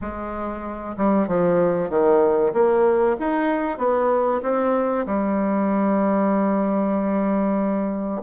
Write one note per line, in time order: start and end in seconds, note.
0.01 0.96 G#3
0.97 1.27 G3
1.27 1.89 F3
1.89 2.53 D#3
2.53 3.16 A#3
3.19 3.78 D#4
3.78 4.41 B3
4.42 5.05 C4
5.06 8.21 G3